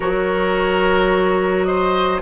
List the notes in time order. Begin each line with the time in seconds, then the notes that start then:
0.00 F#3 F#4 A#4 C#5
1.64 C5 D#5